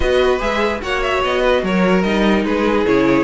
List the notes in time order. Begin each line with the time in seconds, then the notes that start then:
0.00 B3 F#4 B4 D#5
0.39 G#3 G#4 E5
0.81 A#3 F#4 C#5 F#5
1.02 E5
1.23 B3 D#5
1.41 B4
1.62 F#3 A#4 C#5
2.02 G3 D#4 D#5
2.44 G#3 G#4 B4
2.85 C#3 E4 C#5